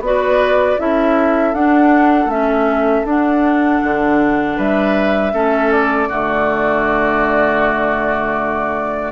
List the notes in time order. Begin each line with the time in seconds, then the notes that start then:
0.00 B3 F#4 D5
0.07 B4
0.78 C#4 E4 A4 E5
1.54 D4 F#5
2.26 A3 C#4 E5
3.05 D4 F#5
3.83 D3
4.56 G3 B4 E5
5.33 A3 C#4 A4
5.72 D5
6.09 D3 A3 F#4